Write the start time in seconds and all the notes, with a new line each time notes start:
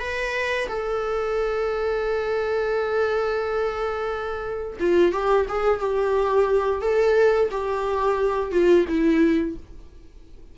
0.00 B4
0.68 A4
4.80 F4
5.12 G4
5.49 G#4
5.80 G4
6.82 A4
7.51 G4
8.52 F4
8.88 E4